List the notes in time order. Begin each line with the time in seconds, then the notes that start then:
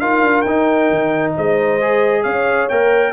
0.00 D#4 F4 A#4 F5
0.22 D4
0.41 D#4 G5
0.90 D#3
1.36 G#3 C5 D#5
1.81 G#4
2.22 C#4 C#5 F5
2.69 A#3 A#4 G5